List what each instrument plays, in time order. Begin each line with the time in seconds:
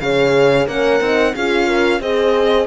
0.00 cello C#3, horn G#4 C#5, violin F5
0.67 cello A#3, horn C#4 A#4, violin F#5
1.00 cello C4, horn D#4
1.35 cello C#4, horn F4 G#4, violin F5
1.67 horn A#4
2.00 cello C4, horn G#4 C5, violin D#5